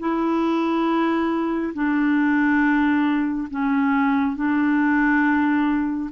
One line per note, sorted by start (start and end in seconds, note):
0.00 1.74 E4
1.74 3.48 D4
3.51 4.36 C#4
4.36 6.10 D4